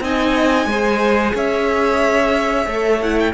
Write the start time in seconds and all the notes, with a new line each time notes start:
0.00 C4 D#4 D#5 G#5
0.66 G#3 G#4 C5
1.35 C#4 C#5 E5
2.66 A3 A4
3.01 E4 F#5
3.20 G5